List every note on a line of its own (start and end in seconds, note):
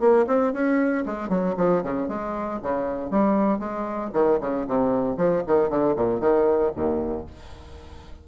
0.00 0.26 A#3
0.27 0.53 C4
0.53 1.05 C#4
1.06 1.29 G#3
1.29 1.55 F#3
1.57 1.83 F3
1.83 2.09 C#3
2.09 2.60 G#3
2.62 3.11 C#3
3.11 3.59 G3
3.59 4.11 G#3
4.14 4.39 D#3
4.41 4.67 C#3
4.68 5.17 C3
5.17 5.43 F3
5.47 5.70 D#3
5.70 5.96 D3
5.96 6.20 A#2
6.20 6.72 D#3
6.76 7.27 D#2